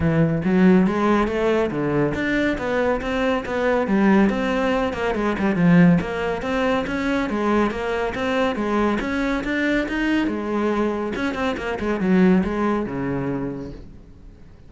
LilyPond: \new Staff \with { instrumentName = "cello" } { \time 4/4 \tempo 4 = 140 e4 fis4 gis4 a4 | d4 d'4 b4 c'4 | b4 g4 c'4. ais8 | gis8 g8 f4 ais4 c'4 |
cis'4 gis4 ais4 c'4 | gis4 cis'4 d'4 dis'4 | gis2 cis'8 c'8 ais8 gis8 | fis4 gis4 cis2 | }